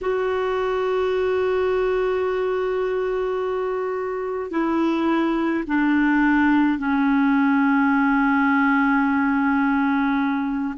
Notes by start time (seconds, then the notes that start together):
0.01 F#4
4.50 E4
5.67 D4
6.78 C#4